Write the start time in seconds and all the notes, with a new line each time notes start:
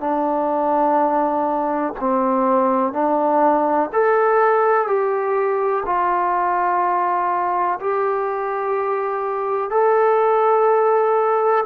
0.00 D4
2.00 C4
2.93 D4
3.93 A4
4.87 G4
5.86 F4
7.80 G4
9.71 A4